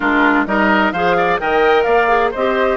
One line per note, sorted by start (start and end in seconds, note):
0.00 0.46 G#3
0.00 0.46 D4
0.00 0.45 F4
0.00 0.45 A#4
0.46 0.92 G3
0.46 0.93 D#4
0.46 0.93 A#4
0.46 0.92 D#5
0.92 1.39 F3
0.92 1.39 G#4
0.92 1.16 C5
0.92 1.38 F5
1.17 1.40 D5
1.39 1.86 D#3
1.39 2.08 A#4
1.39 1.84 D#5
1.39 1.83 G5
1.83 2.32 A#3
1.83 2.31 D5
1.83 2.29 F5
2.08 2.31 G#4
2.31 2.76 C4
2.31 2.76 C5
2.31 2.76 D#5
2.37 2.76 G4